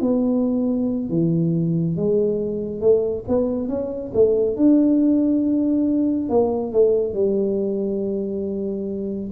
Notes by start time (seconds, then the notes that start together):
0.00 B3
1.09 E3
1.96 G#3
2.81 A3
3.27 B3
3.68 C#4
4.13 A3
4.56 D4
6.29 A#3
6.72 A3
7.13 G3